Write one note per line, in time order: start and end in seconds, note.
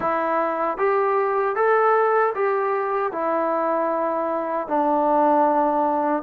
0.00 0.77 E4
0.77 1.55 G4
1.55 2.33 A4
2.34 3.12 G4
3.12 4.67 E4
4.67 6.22 D4